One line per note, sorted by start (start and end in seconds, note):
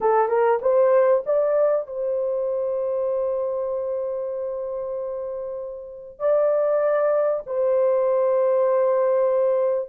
0.00 0.28 A4
0.28 0.59 A#4
0.61 1.23 C5
1.25 1.86 D5
1.86 6.19 C5
6.19 7.43 D5
7.46 9.89 C5